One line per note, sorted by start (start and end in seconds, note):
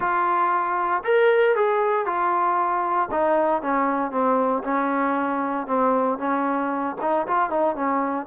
0.00 1.03 F4
1.04 1.55 A#4
1.55 2.05 G#4
2.05 3.09 F4
3.11 3.62 D#4
3.62 4.11 C#4
4.11 4.62 C4
4.63 5.66 C#4
5.66 6.18 C4
6.18 6.96 C#4
7.01 7.26 D#4
7.27 7.50 F4
7.50 7.75 D#4
7.75 8.26 C#4